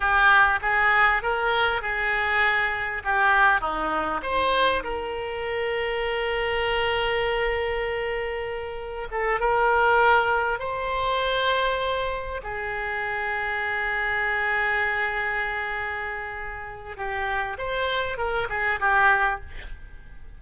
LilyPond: \new Staff \with { instrumentName = "oboe" } { \time 4/4 \tempo 4 = 99 g'4 gis'4 ais'4 gis'4~ | gis'4 g'4 dis'4 c''4 | ais'1~ | ais'2. a'8 ais'8~ |
ais'4. c''2~ c''8~ | c''8 gis'2.~ gis'8~ | gis'1 | g'4 c''4 ais'8 gis'8 g'4 | }